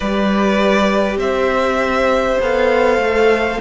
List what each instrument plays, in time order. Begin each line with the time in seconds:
0.00 cello G3, viola G4, violin B4 D5
1.17 cello C4, violin C5 E5
2.40 cello B3, viola A4, violin F5
2.97 cello A3